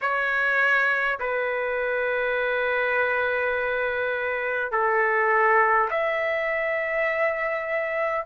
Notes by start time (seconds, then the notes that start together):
0.01 C#5
1.19 B4
4.71 A4
5.90 E5